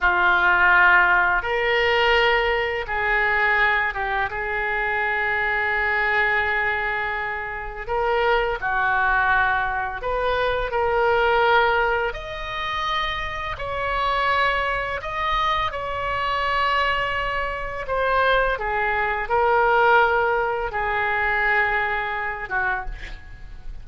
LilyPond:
\new Staff \with { instrumentName = "oboe" } { \time 4/4 \tempo 4 = 84 f'2 ais'2 | gis'4. g'8 gis'2~ | gis'2. ais'4 | fis'2 b'4 ais'4~ |
ais'4 dis''2 cis''4~ | cis''4 dis''4 cis''2~ | cis''4 c''4 gis'4 ais'4~ | ais'4 gis'2~ gis'8 fis'8 | }